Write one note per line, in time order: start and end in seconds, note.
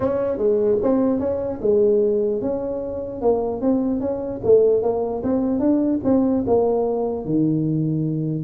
0.00 0.37 C#4
0.37 0.78 G#3
0.82 1.19 C4
1.19 1.60 C#4
1.61 2.41 G#3
2.41 3.21 C#4
3.21 3.61 A#3
3.61 4.00 C4
4.00 4.40 C#4
4.44 4.82 A3
4.82 5.22 A#3
5.23 5.59 C4
5.59 5.99 D4
6.04 6.44 C4
6.46 7.25 A#3
7.25 8.44 D#3